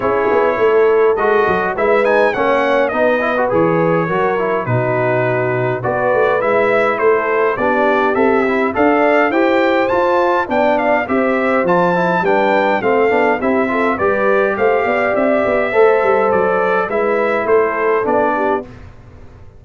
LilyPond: <<
  \new Staff \with { instrumentName = "trumpet" } { \time 4/4 \tempo 4 = 103 cis''2 dis''4 e''8 gis''8 | fis''4 dis''4 cis''2 | b'2 d''4 e''4 | c''4 d''4 e''4 f''4 |
g''4 a''4 g''8 f''8 e''4 | a''4 g''4 f''4 e''4 | d''4 f''4 e''2 | d''4 e''4 c''4 d''4 | }
  \new Staff \with { instrumentName = "horn" } { \time 4/4 gis'4 a'2 b'4 | cis''4 b'2 ais'4 | fis'2 b'2 | a'4 g'2 d''4 |
c''2 d''4 c''4~ | c''4 b'4 a'4 g'8 a'8 | b'4 c''8 d''4. c''4~ | c''4 b'4 a'4. g'8 | }
  \new Staff \with { instrumentName = "trombone" } { \time 4/4 e'2 fis'4 e'8 dis'8 | cis'4 dis'8 e'16 fis'16 gis'4 fis'8 e'8 | dis'2 fis'4 e'4~ | e'4 d'4 a'8 e'8 a'4 |
g'4 f'4 d'4 g'4 | f'8 e'8 d'4 c'8 d'8 e'8 f'8 | g'2. a'4~ | a'4 e'2 d'4 | }
  \new Staff \with { instrumentName = "tuba" } { \time 4/4 cis'8 b8 a4 gis8 fis8 gis4 | ais4 b4 e4 fis4 | b,2 b8 a8 gis4 | a4 b4 c'4 d'4 |
e'4 f'4 b4 c'4 | f4 g4 a8 b8 c'4 | g4 a8 b8 c'8 b8 a8 g8 | fis4 gis4 a4 b4 | }
>>